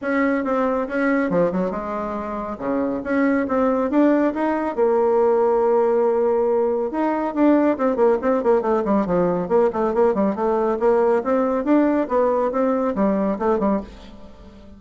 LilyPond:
\new Staff \with { instrumentName = "bassoon" } { \time 4/4 \tempo 4 = 139 cis'4 c'4 cis'4 f8 fis8 | gis2 cis4 cis'4 | c'4 d'4 dis'4 ais4~ | ais1 |
dis'4 d'4 c'8 ais8 c'8 ais8 | a8 g8 f4 ais8 a8 ais8 g8 | a4 ais4 c'4 d'4 | b4 c'4 g4 a8 g8 | }